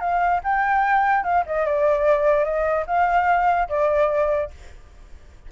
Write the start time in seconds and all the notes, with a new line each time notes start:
0.00 F5
0.44 G5
1.24 F5
1.46 D#5
1.65 D5
2.44 D#5
2.87 F5
3.69 D5